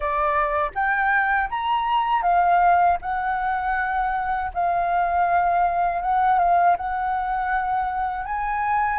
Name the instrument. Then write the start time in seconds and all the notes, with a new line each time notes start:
flute
0.00 D5
0.74 G5
1.50 A#5
2.22 F5
3.01 F#5
4.53 F5
6.01 F#5
6.39 F5
6.77 F#5
8.25 G#5